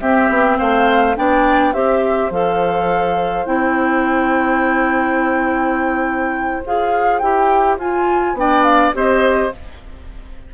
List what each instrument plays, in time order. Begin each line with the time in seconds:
0.00 bassoon C4, clarinet C4, oboe G4, flute E5
0.29 bassoon B3
0.58 bassoon A3, oboe C5, flute F5
1.16 bassoon B3, clarinet D4, oboe D5, flute G5
1.73 bassoon C4, clarinet G4, oboe C5, flute E5
2.30 bassoon F3, clarinet A4, flute F5
3.46 bassoon C4, clarinet E4, flute G5
6.66 bassoon F4, clarinet G#4, flute F5
7.18 bassoon E4, clarinet G4, flute G5
7.78 bassoon F4, clarinet F4, flute G#5
8.34 bassoon B3, clarinet D4, oboe D5, flute G5
8.63 flute F5
8.93 bassoon C4, clarinet G4, oboe C5, flute D#5